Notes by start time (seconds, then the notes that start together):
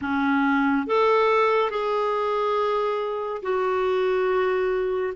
0.01 C#4
0.86 A4
1.70 G#4
3.42 F#4